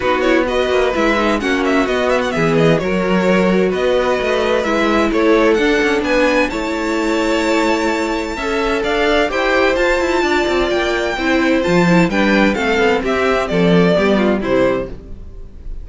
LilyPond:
<<
  \new Staff \with { instrumentName = "violin" } { \time 4/4 \tempo 4 = 129 b'8 cis''8 dis''4 e''4 fis''8 e''8 | dis''8 e''16 fis''16 e''8 dis''8 cis''2 | dis''2 e''4 cis''4 | fis''4 gis''4 a''2~ |
a''2. f''4 | g''4 a''2 g''4~ | g''4 a''4 g''4 f''4 | e''4 d''2 c''4 | }
  \new Staff \with { instrumentName = "violin" } { \time 4/4 fis'4 b'2 fis'4~ | fis'4 gis'4 ais'2 | b'2. a'4~ | a'4 b'4 cis''2~ |
cis''2 e''4 d''4 | c''2 d''2 | c''2 b'4 a'4 | g'4 a'4 g'8 f'8 e'4 | }
  \new Staff \with { instrumentName = "viola" } { \time 4/4 dis'8 e'8 fis'4 e'8 dis'8 cis'4 | b2 fis'2~ | fis'2 e'2 | d'2 e'2~ |
e'2 a'2 | g'4 f'2. | e'4 f'8 e'8 d'4 c'4~ | c'2 b4 g4 | }
  \new Staff \with { instrumentName = "cello" } { \time 4/4 b4. ais8 gis4 ais4 | b4 e4 fis2 | b4 a4 gis4 a4 | d'8 cis'8 b4 a2~ |
a2 cis'4 d'4 | e'4 f'8 e'8 d'8 c'8 ais4 | c'4 f4 g4 a8 b8 | c'4 f4 g4 c4 | }
>>